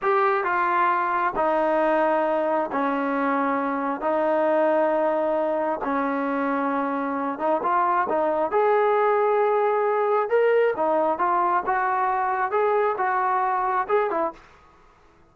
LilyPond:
\new Staff \with { instrumentName = "trombone" } { \time 4/4 \tempo 4 = 134 g'4 f'2 dis'4~ | dis'2 cis'2~ | cis'4 dis'2.~ | dis'4 cis'2.~ |
cis'8 dis'8 f'4 dis'4 gis'4~ | gis'2. ais'4 | dis'4 f'4 fis'2 | gis'4 fis'2 gis'8 e'8 | }